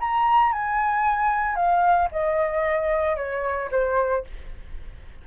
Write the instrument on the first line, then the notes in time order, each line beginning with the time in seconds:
flute
0.00 A#5
0.52 G#5
1.55 F5
2.11 D#5
3.16 C#5
3.71 C5